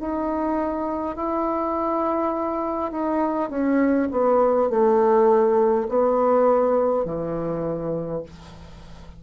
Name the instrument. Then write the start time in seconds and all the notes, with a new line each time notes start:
bassoon
0.00 D#4
1.16 E4
2.92 D#4
3.50 C#4
4.11 B3
4.70 A3
5.89 B3
7.05 E3